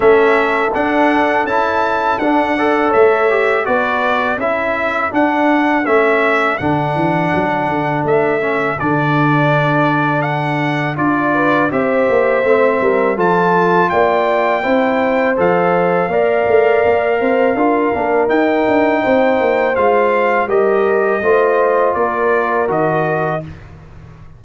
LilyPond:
<<
  \new Staff \with { instrumentName = "trumpet" } { \time 4/4 \tempo 4 = 82 e''4 fis''4 a''4 fis''4 | e''4 d''4 e''4 fis''4 | e''4 fis''2 e''4 | d''2 fis''4 d''4 |
e''2 a''4 g''4~ | g''4 f''2.~ | f''4 g''2 f''4 | dis''2 d''4 dis''4 | }
  \new Staff \with { instrumentName = "horn" } { \time 4/4 a'2.~ a'8 d''8 | cis''4 b'4 a'2~ | a'1~ | a'2.~ a'8 b'8 |
c''4. ais'8 a'4 d''4 | c''2 d''4. c''8 | ais'2 c''2 | ais'4 c''4 ais'2 | }
  \new Staff \with { instrumentName = "trombone" } { \time 4/4 cis'4 d'4 e'4 d'8 a'8~ | a'8 g'8 fis'4 e'4 d'4 | cis'4 d'2~ d'8 cis'8 | d'2. f'4 |
g'4 c'4 f'2 | e'4 a'4 ais'2 | f'8 d'8 dis'2 f'4 | g'4 f'2 fis'4 | }
  \new Staff \with { instrumentName = "tuba" } { \time 4/4 a4 d'4 cis'4 d'4 | a4 b4 cis'4 d'4 | a4 d8 e8 fis8 d8 a4 | d2. d'4 |
c'8 ais8 a8 g8 f4 ais4 | c'4 f4 ais8 a8 ais8 c'8 | d'8 ais8 dis'8 d'8 c'8 ais8 gis4 | g4 a4 ais4 dis4 | }
>>